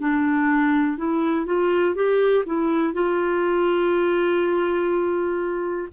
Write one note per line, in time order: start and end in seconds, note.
0.00 0.97 D4
0.97 1.46 E4
1.46 1.95 F4
1.95 2.44 G4
2.46 2.93 E4
2.93 5.88 F4